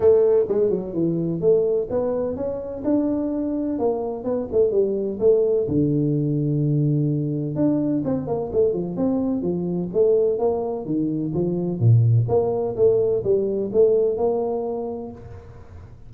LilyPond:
\new Staff \with { instrumentName = "tuba" } { \time 4/4 \tempo 4 = 127 a4 gis8 fis8 e4 a4 | b4 cis'4 d'2 | ais4 b8 a8 g4 a4 | d1 |
d'4 c'8 ais8 a8 f8 c'4 | f4 a4 ais4 dis4 | f4 ais,4 ais4 a4 | g4 a4 ais2 | }